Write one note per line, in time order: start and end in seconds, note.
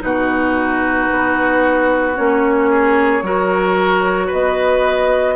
0.00 1.09 B2
0.00 2.14 D#4
0.00 2.70 F#4
0.00 2.16 B4
1.11 2.18 B3
2.15 3.22 A#3
2.15 3.22 C#4
2.15 4.30 C#5
2.70 3.23 G#4
3.22 4.29 F#3
3.22 5.36 F#4
3.22 4.26 A#4
4.26 5.36 B3
4.26 5.33 B4
4.26 5.36 D#5